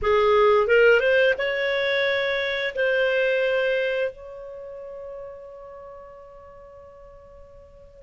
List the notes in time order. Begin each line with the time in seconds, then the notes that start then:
0.02 G#4
0.67 A#4
0.99 C5
1.38 C#5
2.75 C5
4.11 C#5